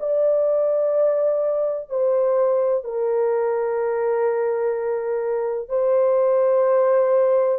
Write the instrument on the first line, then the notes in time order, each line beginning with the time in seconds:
horn
0.00 D5
1.90 C5
2.84 A#4
5.69 C5